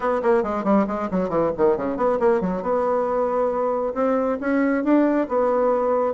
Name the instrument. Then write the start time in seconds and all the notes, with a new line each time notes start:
bassoon
0.00 B3
0.22 A#3
0.43 G#3
0.64 G3
0.87 G#3
1.10 F#3
1.29 E3
1.57 D#3
1.76 C#3
1.96 B3
2.19 A#3
2.40 F#3
2.62 B3
3.94 C4
4.40 C#4
4.84 D4
5.28 B3